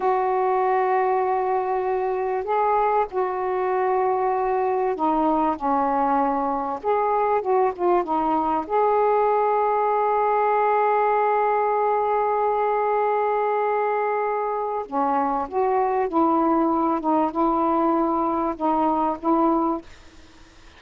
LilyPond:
\new Staff \with { instrumentName = "saxophone" } { \time 4/4 \tempo 4 = 97 fis'1 | gis'4 fis'2. | dis'4 cis'2 gis'4 | fis'8 f'8 dis'4 gis'2~ |
gis'1~ | gis'1 | cis'4 fis'4 e'4. dis'8 | e'2 dis'4 e'4 | }